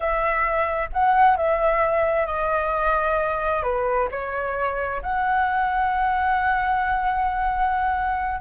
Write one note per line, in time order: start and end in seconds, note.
0.00 0.89 E5
0.92 1.36 F#5
1.36 2.26 E5
2.26 3.62 D#5
3.62 4.08 B4
4.11 5.02 C#5
5.02 8.40 F#5